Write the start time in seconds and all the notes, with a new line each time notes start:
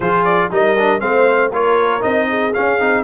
0.00 F3 F4 G#4 C5
0.24 D5
0.50 G3 D#4 A#4 D#5
0.78 D4
1.00 A3 C4 C5 F5
1.50 A#3 F4 A#4 C#5
2.00 C4 D#4 D#5
2.29 G#4
2.53 C#4 F5
2.79 C4 D#4